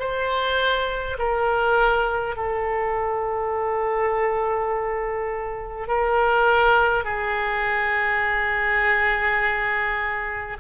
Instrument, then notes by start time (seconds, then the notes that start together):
oboe
0.00 C5
1.19 A#4
2.36 A4
5.88 A#4
7.05 G#4